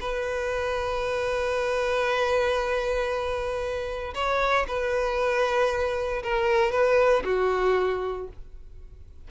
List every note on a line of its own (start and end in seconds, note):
0.00 4.14 B4
4.14 4.66 C#5
4.68 6.23 B4
6.23 6.71 A#4
6.71 7.23 B4
7.24 8.28 F#4